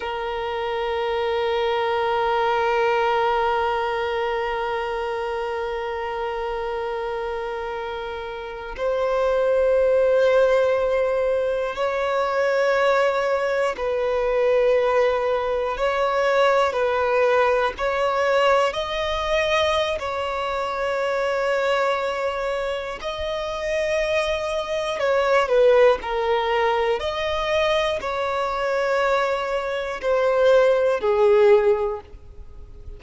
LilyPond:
\new Staff \with { instrumentName = "violin" } { \time 4/4 \tempo 4 = 60 ais'1~ | ais'1~ | ais'8. c''2. cis''16~ | cis''4.~ cis''16 b'2 cis''16~ |
cis''8. b'4 cis''4 dis''4~ dis''16 | cis''2. dis''4~ | dis''4 cis''8 b'8 ais'4 dis''4 | cis''2 c''4 gis'4 | }